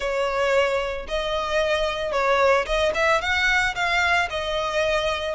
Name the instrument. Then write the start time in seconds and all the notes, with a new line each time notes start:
violin
0.00 C#5
1.08 D#5
2.12 C#5
2.65 D#5
2.94 E5
3.21 F#5
3.75 F5
4.30 D#5